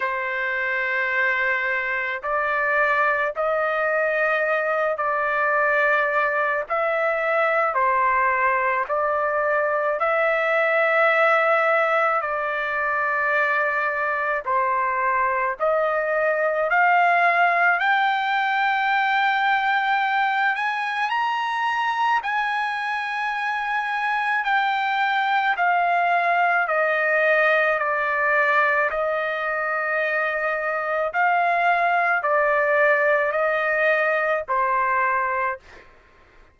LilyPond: \new Staff \with { instrumentName = "trumpet" } { \time 4/4 \tempo 4 = 54 c''2 d''4 dis''4~ | dis''8 d''4. e''4 c''4 | d''4 e''2 d''4~ | d''4 c''4 dis''4 f''4 |
g''2~ g''8 gis''8 ais''4 | gis''2 g''4 f''4 | dis''4 d''4 dis''2 | f''4 d''4 dis''4 c''4 | }